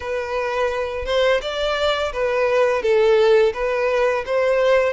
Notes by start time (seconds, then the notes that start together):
0.00 B4
1.05 C5
1.41 D5
2.12 B4
2.82 A4
3.53 B4
4.25 C5